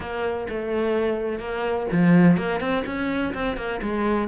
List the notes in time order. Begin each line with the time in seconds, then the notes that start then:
0.00 A#3
0.49 A3
1.39 A#3
1.92 F3
2.37 A#3
2.60 C4
2.85 C#4
3.33 C4
3.56 A#3
3.82 G#3